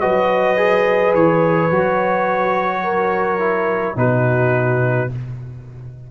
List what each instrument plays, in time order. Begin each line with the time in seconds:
0.00 tuba F#3, trombone F#4, horn B4, trumpet D#5
0.57 trombone G#4
1.14 tuba E3, trumpet C#5
1.70 tuba F#3, trombone F#4
2.83 horn A#4
3.39 trombone E4
3.96 tuba B2, trombone D#4, horn F#4, trumpet B4